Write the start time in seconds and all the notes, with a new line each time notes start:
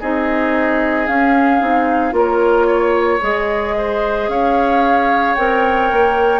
0.00 C4 D#4 G#4 D#5
1.06 C#4 F5
1.60 C4 D#4
2.11 A#3 F4 A#4 C#5
2.67 C#5
3.21 G#3 G#4 D#5
3.77 C5
4.28 C#4 C#5 F5
5.35 C4 A#4 G5
5.91 A#3